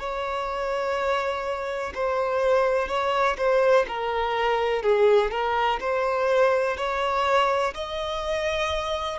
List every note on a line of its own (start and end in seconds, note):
0.00 1.94 C#5
1.95 2.89 C5
2.89 3.37 C#5
3.38 3.87 C5
3.88 4.83 A#4
4.83 5.31 G#4
5.31 5.80 A#4
5.81 6.77 C5
6.77 7.74 C#5
7.75 9.19 D#5